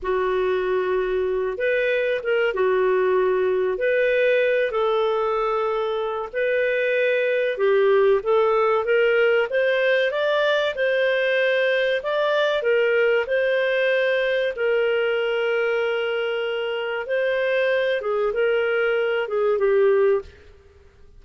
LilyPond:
\new Staff \with { instrumentName = "clarinet" } { \time 4/4 \tempo 4 = 95 fis'2~ fis'8 b'4 ais'8 | fis'2 b'4. a'8~ | a'2 b'2 | g'4 a'4 ais'4 c''4 |
d''4 c''2 d''4 | ais'4 c''2 ais'4~ | ais'2. c''4~ | c''8 gis'8 ais'4. gis'8 g'4 | }